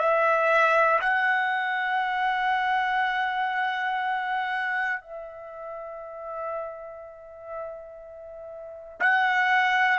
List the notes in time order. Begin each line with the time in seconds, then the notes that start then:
0.00 E5
1.01 F#5
5.01 E5
9.01 F#5